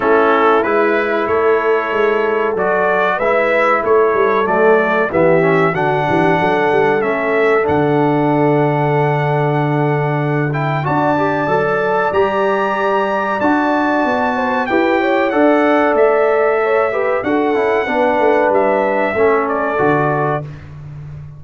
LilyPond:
<<
  \new Staff \with { instrumentName = "trumpet" } { \time 4/4 \tempo 4 = 94 a'4 b'4 cis''2 | d''4 e''4 cis''4 d''4 | e''4 fis''2 e''4 | fis''1~ |
fis''8 g''8 a''2 ais''4~ | ais''4 a''2 g''4 | fis''4 e''2 fis''4~ | fis''4 e''4. d''4. | }
  \new Staff \with { instrumentName = "horn" } { \time 4/4 e'2 a'2~ | a'4 b'4 a'2 | g'4 fis'8 g'8 a'2~ | a'1~ |
a'4 d''2.~ | d''2~ d''8 c''8 b'8 cis''8 | d''2 cis''8 b'8 a'4 | b'2 a'2 | }
  \new Staff \with { instrumentName = "trombone" } { \time 4/4 cis'4 e'2. | fis'4 e'2 a4 | b8 cis'8 d'2 cis'4 | d'1~ |
d'8 e'8 fis'8 g'8 a'4 g'4~ | g'4 fis'2 g'4 | a'2~ a'8 g'8 fis'8 e'8 | d'2 cis'4 fis'4 | }
  \new Staff \with { instrumentName = "tuba" } { \time 4/4 a4 gis4 a4 gis4 | fis4 gis4 a8 g8 fis4 | e4 d8 e8 fis8 g8 a4 | d1~ |
d4 d'4 fis4 g4~ | g4 d'4 b4 e'4 | d'4 a2 d'8 cis'8 | b8 a8 g4 a4 d4 | }
>>